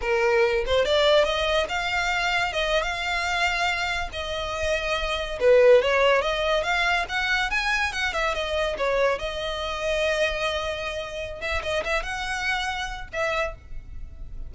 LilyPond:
\new Staff \with { instrumentName = "violin" } { \time 4/4 \tempo 4 = 142 ais'4. c''8 d''4 dis''4 | f''2 dis''8. f''4~ f''16~ | f''4.~ f''16 dis''2~ dis''16~ | dis''8. b'4 cis''4 dis''4 f''16~ |
f''8. fis''4 gis''4 fis''8 e''8 dis''16~ | dis''8. cis''4 dis''2~ dis''16~ | dis''2. e''8 dis''8 | e''8 fis''2~ fis''8 e''4 | }